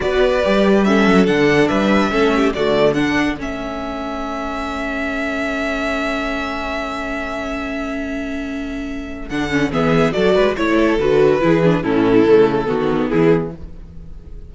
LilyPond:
<<
  \new Staff \with { instrumentName = "violin" } { \time 4/4 \tempo 4 = 142 d''2 e''4 fis''4 | e''2 d''4 fis''4 | e''1~ | e''1~ |
e''1~ | e''2 fis''4 e''4 | d''4 cis''4 b'2 | a'2. gis'4 | }
  \new Staff \with { instrumentName = "violin" } { \time 4/4 b'2 a'2 | b'4 a'8 g'8 fis'4 a'4~ | a'1~ | a'1~ |
a'1~ | a'2. gis'4 | a'8 b'8 cis''8 a'4. gis'4 | e'2 fis'4 e'4 | }
  \new Staff \with { instrumentName = "viola" } { \time 4/4 fis'4 g'4 cis'4 d'4~ | d'4 cis'4 a4 d'4 | cis'1~ | cis'1~ |
cis'1~ | cis'2 d'8 cis'8 b4 | fis'4 e'4 fis'4 e'8 d'8 | cis'4 a4 b2 | }
  \new Staff \with { instrumentName = "cello" } { \time 4/4 b4 g4. fis8 d4 | g4 a4 d2 | a1~ | a1~ |
a1~ | a2 d4 e4 | fis8 gis8 a4 d4 e4 | a,4 cis4 dis4 e4 | }
>>